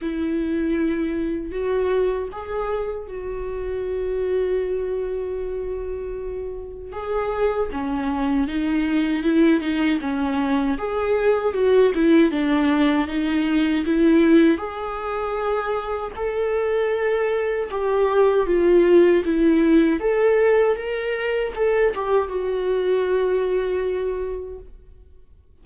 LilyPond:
\new Staff \with { instrumentName = "viola" } { \time 4/4 \tempo 4 = 78 e'2 fis'4 gis'4 | fis'1~ | fis'4 gis'4 cis'4 dis'4 | e'8 dis'8 cis'4 gis'4 fis'8 e'8 |
d'4 dis'4 e'4 gis'4~ | gis'4 a'2 g'4 | f'4 e'4 a'4 ais'4 | a'8 g'8 fis'2. | }